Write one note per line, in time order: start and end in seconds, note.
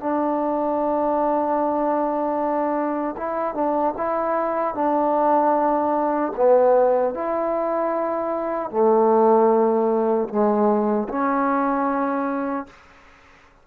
0.00 3.16 D4
3.17 3.55 E4
3.55 3.94 D4
3.97 4.75 E4
4.75 6.33 D4
6.36 7.15 B3
7.15 8.71 E4
8.71 10.29 A3
10.29 11.08 G#3
11.09 12.67 C#4